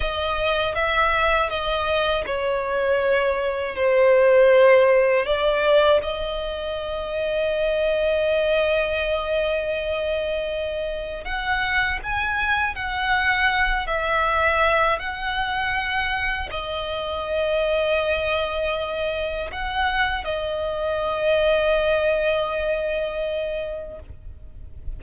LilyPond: \new Staff \with { instrumentName = "violin" } { \time 4/4 \tempo 4 = 80 dis''4 e''4 dis''4 cis''4~ | cis''4 c''2 d''4 | dis''1~ | dis''2. fis''4 |
gis''4 fis''4. e''4. | fis''2 dis''2~ | dis''2 fis''4 dis''4~ | dis''1 | }